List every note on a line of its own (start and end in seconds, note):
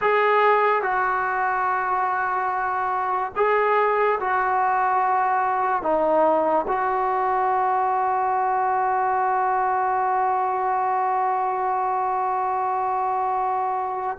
0.01 0.82 G#4
0.82 3.32 F#4
3.36 4.19 G#4
4.19 5.82 F#4
5.82 6.65 D#4
6.67 14.17 F#4